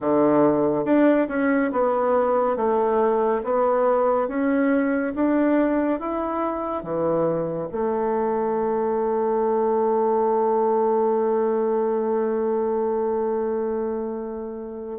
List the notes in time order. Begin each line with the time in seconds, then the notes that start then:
0.00 D3
0.85 D4
1.28 C#4
1.71 B3
2.56 A3
3.44 B3
4.28 C#4
5.15 D4
5.99 E4
6.83 E3
7.71 A3